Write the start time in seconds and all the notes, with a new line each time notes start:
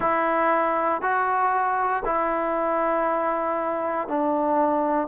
0.00 E4
1.01 F#4
2.05 E4
4.08 D4